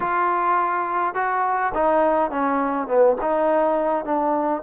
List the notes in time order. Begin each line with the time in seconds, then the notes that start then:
0.00 F4
1.14 F#4
1.74 D#4
2.31 C#4
2.87 B3
3.21 D#4
4.04 D4